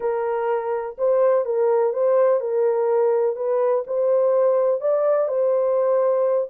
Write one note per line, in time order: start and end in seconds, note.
0.00 0.96 A#4
0.98 1.45 C5
1.45 1.93 A#4
1.93 2.40 C5
2.40 3.36 A#4
3.36 3.84 B4
3.86 4.80 C5
4.80 5.28 D5
5.28 6.48 C5